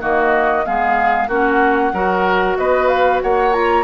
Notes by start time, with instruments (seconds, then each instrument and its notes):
0.00 bassoon D#3, clarinet A#3, oboe F#4, flute D#5
0.65 bassoon G#3, clarinet B3, oboe G#4, flute F5
1.28 bassoon A#3, clarinet C#4, oboe F#4, flute F#5
1.93 bassoon F#3, clarinet F#4, oboe A#4
2.57 bassoon B3, oboe B4, flute D#5
2.88 flute F5
3.22 bassoon A#3, oboe C#5, flute F#5
3.52 clarinet F4, flute A#5